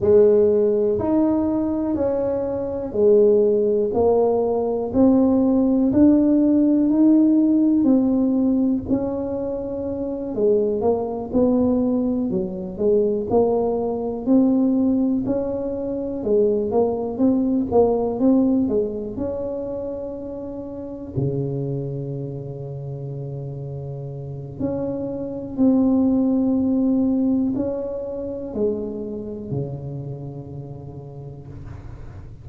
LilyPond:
\new Staff \with { instrumentName = "tuba" } { \time 4/4 \tempo 4 = 61 gis4 dis'4 cis'4 gis4 | ais4 c'4 d'4 dis'4 | c'4 cis'4. gis8 ais8 b8~ | b8 fis8 gis8 ais4 c'4 cis'8~ |
cis'8 gis8 ais8 c'8 ais8 c'8 gis8 cis'8~ | cis'4. cis2~ cis8~ | cis4 cis'4 c'2 | cis'4 gis4 cis2 | }